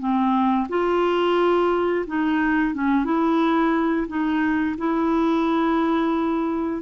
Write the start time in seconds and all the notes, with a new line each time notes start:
0.00 C4
0.70 F4
2.07 D#4
2.75 C#4
3.05 E4
4.08 D#4
4.79 E4